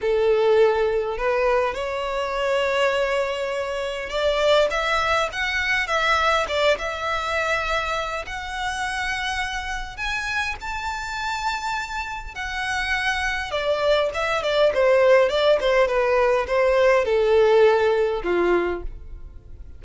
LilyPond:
\new Staff \with { instrumentName = "violin" } { \time 4/4 \tempo 4 = 102 a'2 b'4 cis''4~ | cis''2. d''4 | e''4 fis''4 e''4 d''8 e''8~ | e''2 fis''2~ |
fis''4 gis''4 a''2~ | a''4 fis''2 d''4 | e''8 d''8 c''4 d''8 c''8 b'4 | c''4 a'2 f'4 | }